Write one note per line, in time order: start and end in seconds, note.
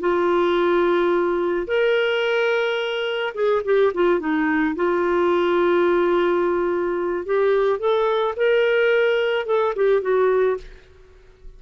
0.00 1.67 F4
1.67 3.34 A#4
3.34 3.62 G#4
3.65 3.92 G4
3.94 4.19 F4
4.19 4.75 D#4
4.76 7.25 F4
7.25 7.79 G4
7.79 8.34 A4
8.36 9.46 A#4
9.46 9.74 A4
9.76 10.02 G4
10.02 10.57 F#4